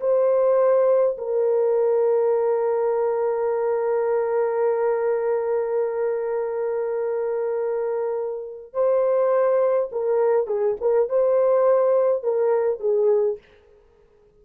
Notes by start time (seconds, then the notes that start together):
0.00 C5
1.18 A#4
8.73 C5
9.92 A#4
10.47 G#4
10.80 A#4
11.09 C5
12.23 A#4
12.80 G#4